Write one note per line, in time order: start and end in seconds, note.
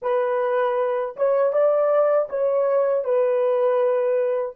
0.02 1.16 B4
1.16 1.52 C#5
1.52 2.28 D5
2.29 3.04 C#5
3.04 4.55 B4